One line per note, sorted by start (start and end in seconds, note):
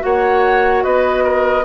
0.00 0.85 A#3
0.00 1.62 F#4
0.00 0.84 C#5
0.00 0.84 F#5
0.84 1.65 B3
0.84 1.24 B4
0.84 1.65 D#5
1.24 1.65 A#4